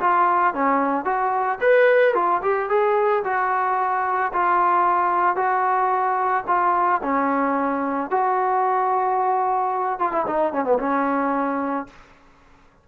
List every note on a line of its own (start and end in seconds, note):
0.00 0.54 F4
0.54 1.05 C#4
1.05 1.59 F#4
1.61 2.14 B4
2.14 2.41 F4
2.42 2.69 G4
2.69 3.23 G#4
3.24 4.32 F#4
4.33 5.36 F4
5.36 6.44 F#4
6.47 7.01 F4
7.02 8.10 C#4
8.10 9.99 F#4
9.99 10.12 F4
10.12 10.25 E4
10.27 10.53 D#4
10.53 10.64 C#4
10.64 10.78 B3
10.79 11.87 C#4